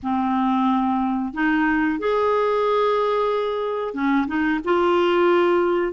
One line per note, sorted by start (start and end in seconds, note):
0.02 1.33 C4
1.33 1.99 D#4
1.99 3.94 G#4
3.94 4.26 C#4
4.27 4.60 D#4
4.64 5.92 F4